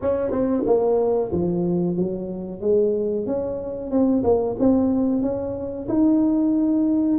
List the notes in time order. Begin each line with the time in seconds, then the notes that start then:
0.01 C#4
0.31 C4
0.66 A#3
1.32 F3
1.96 F#3
2.61 G#3
3.26 C#4
3.90 C4
4.23 A#3
4.59 C4
5.22 C#4
5.88 D#4